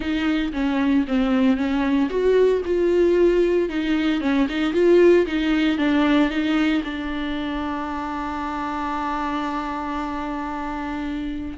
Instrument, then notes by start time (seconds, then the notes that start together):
viola
0.00 D#4
0.52 C#4
1.07 C4
1.56 C#4
2.09 F#4
2.65 F4
3.69 D#4
4.20 C#4
4.48 D#4
4.73 F4
5.26 D#4
5.78 D4
6.29 D#4
6.83 D4